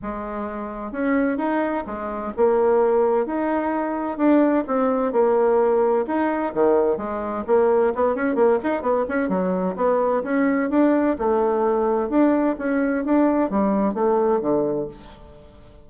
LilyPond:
\new Staff \with { instrumentName = "bassoon" } { \time 4/4 \tempo 4 = 129 gis2 cis'4 dis'4 | gis4 ais2 dis'4~ | dis'4 d'4 c'4 ais4~ | ais4 dis'4 dis4 gis4 |
ais4 b8 cis'8 ais8 dis'8 b8 cis'8 | fis4 b4 cis'4 d'4 | a2 d'4 cis'4 | d'4 g4 a4 d4 | }